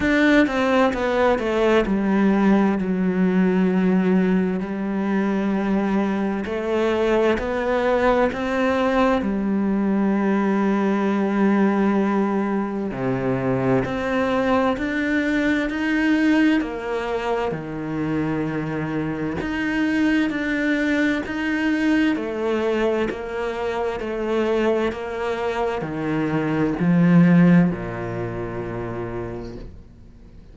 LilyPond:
\new Staff \with { instrumentName = "cello" } { \time 4/4 \tempo 4 = 65 d'8 c'8 b8 a8 g4 fis4~ | fis4 g2 a4 | b4 c'4 g2~ | g2 c4 c'4 |
d'4 dis'4 ais4 dis4~ | dis4 dis'4 d'4 dis'4 | a4 ais4 a4 ais4 | dis4 f4 ais,2 | }